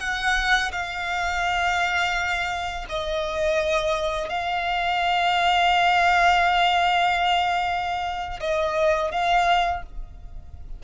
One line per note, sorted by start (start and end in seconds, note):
0.00 0.71 F#5
0.72 2.86 F5
2.89 4.30 D#5
4.30 8.40 F5
8.41 9.12 D#5
9.12 9.83 F5